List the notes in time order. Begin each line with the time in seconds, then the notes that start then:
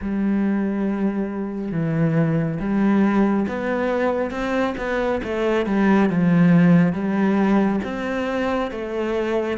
0.01 G3
1.72 E3
2.59 G3
3.47 B3
4.30 C4
4.77 B3
5.23 A3
5.66 G3
6.09 F3
6.92 G3
7.84 C4
8.71 A3